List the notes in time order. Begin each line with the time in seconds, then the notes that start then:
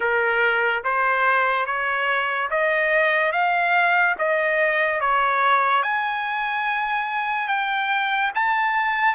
0.00 A#4
0.84 C5
1.66 C#5
2.50 D#5
3.32 F5
4.18 D#5
5.00 C#5
5.83 G#5
7.48 G5
8.34 A5